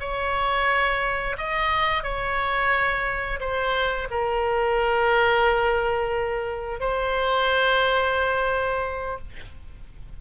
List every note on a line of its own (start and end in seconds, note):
0.00 1.36 C#5
1.38 2.03 D#5
2.03 3.40 C#5
3.40 4.08 C5
4.11 6.80 A#4
6.80 9.18 C5